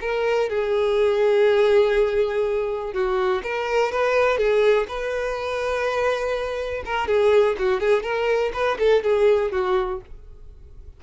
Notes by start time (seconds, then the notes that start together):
0.00 A#4
0.49 G#4
2.93 F#4
3.43 A#4
3.92 B4
4.37 G#4
4.88 B4
6.85 A#4
7.07 G#4
7.58 F#4
7.80 G#4
8.03 A#4
8.53 B4
8.79 A4
9.03 G#4
9.51 F#4